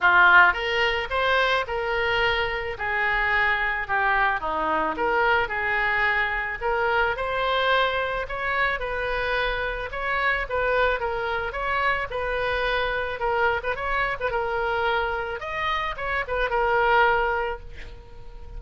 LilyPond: \new Staff \with { instrumentName = "oboe" } { \time 4/4 \tempo 4 = 109 f'4 ais'4 c''4 ais'4~ | ais'4 gis'2 g'4 | dis'4 ais'4 gis'2 | ais'4 c''2 cis''4 |
b'2 cis''4 b'4 | ais'4 cis''4 b'2 | ais'8. b'16 cis''8. b'16 ais'2 | dis''4 cis''8 b'8 ais'2 | }